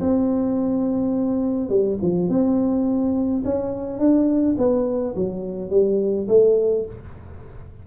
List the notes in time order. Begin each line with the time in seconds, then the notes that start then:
0.00 C4
1.69 G3
2.02 F3
2.29 C4
3.44 C#4
3.98 D4
4.57 B3
5.15 F#3
5.70 G3
6.28 A3